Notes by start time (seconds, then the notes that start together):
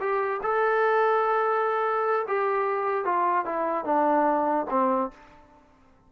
0.00 G4
0.43 A4
2.28 G4
3.05 F4
3.45 E4
3.85 D4
4.70 C4